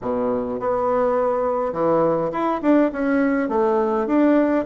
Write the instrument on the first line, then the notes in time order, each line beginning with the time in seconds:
bassoon
0.01 B2
0.59 B3
1.72 E3
2.31 E4
2.62 D4
2.92 C#4
3.48 A3
4.06 D4